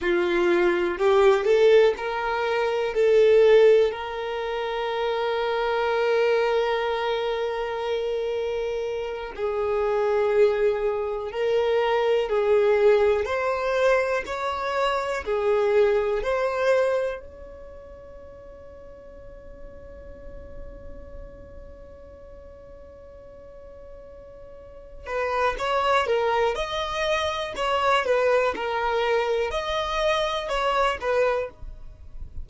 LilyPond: \new Staff \with { instrumentName = "violin" } { \time 4/4 \tempo 4 = 61 f'4 g'8 a'8 ais'4 a'4 | ais'1~ | ais'4. gis'2 ais'8~ | ais'8 gis'4 c''4 cis''4 gis'8~ |
gis'8 c''4 cis''2~ cis''8~ | cis''1~ | cis''4. b'8 cis''8 ais'8 dis''4 | cis''8 b'8 ais'4 dis''4 cis''8 b'8 | }